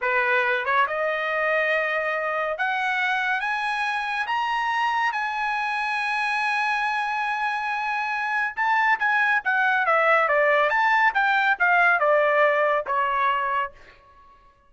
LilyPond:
\new Staff \with { instrumentName = "trumpet" } { \time 4/4 \tempo 4 = 140 b'4. cis''8 dis''2~ | dis''2 fis''2 | gis''2 ais''2 | gis''1~ |
gis''1 | a''4 gis''4 fis''4 e''4 | d''4 a''4 g''4 f''4 | d''2 cis''2 | }